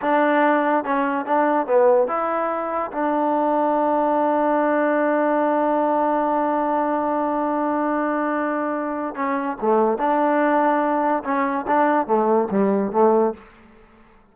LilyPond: \new Staff \with { instrumentName = "trombone" } { \time 4/4 \tempo 4 = 144 d'2 cis'4 d'4 | b4 e'2 d'4~ | d'1~ | d'1~ |
d'1~ | d'2 cis'4 a4 | d'2. cis'4 | d'4 a4 g4 a4 | }